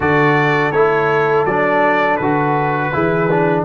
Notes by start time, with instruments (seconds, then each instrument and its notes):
0.00 tuba D3, trombone F#4, horn A4, trumpet D5
0.71 tuba A3, trombone E4, trumpet C#5
1.45 tuba F#3, trombone D4, trumpet D5
2.16 tuba D3, trombone F#4, trumpet B4
2.92 tuba E3, trombone E4, horn G#4
3.30 trombone D4